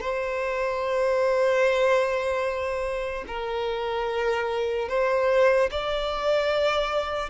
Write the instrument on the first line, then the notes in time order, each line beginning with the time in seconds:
violin
0.00 C5
3.27 A#4
4.88 C5
5.71 D5